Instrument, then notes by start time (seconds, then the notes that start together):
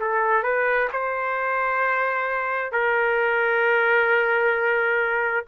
trumpet
0.00 A4
0.43 B4
0.93 C5
2.72 A#4